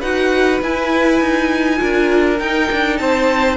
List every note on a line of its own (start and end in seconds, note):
0.00 0.62 D#4
0.00 0.62 F#4
0.00 1.78 B4
0.00 0.61 F#5
0.62 1.21 E4
0.62 1.77 E4
0.62 2.39 G#5
1.21 1.81 D#4
1.77 2.40 D4
1.77 2.36 F4
1.77 2.99 A#4
2.39 2.70 D#4
2.39 3.57 D#4
2.39 2.97 G5
2.72 3.00 D4
2.97 3.57 C4
2.97 3.57 C5
2.97 3.57 A5